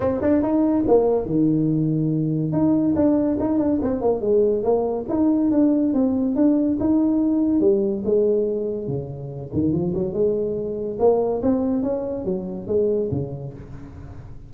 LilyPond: \new Staff \with { instrumentName = "tuba" } { \time 4/4 \tempo 4 = 142 c'8 d'8 dis'4 ais4 dis4~ | dis2 dis'4 d'4 | dis'8 d'8 c'8 ais8 gis4 ais4 | dis'4 d'4 c'4 d'4 |
dis'2 g4 gis4~ | gis4 cis4. dis8 f8 fis8 | gis2 ais4 c'4 | cis'4 fis4 gis4 cis4 | }